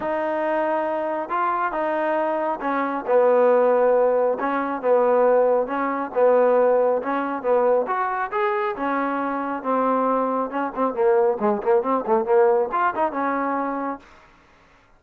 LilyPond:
\new Staff \with { instrumentName = "trombone" } { \time 4/4 \tempo 4 = 137 dis'2. f'4 | dis'2 cis'4 b4~ | b2 cis'4 b4~ | b4 cis'4 b2 |
cis'4 b4 fis'4 gis'4 | cis'2 c'2 | cis'8 c'8 ais4 gis8 ais8 c'8 a8 | ais4 f'8 dis'8 cis'2 | }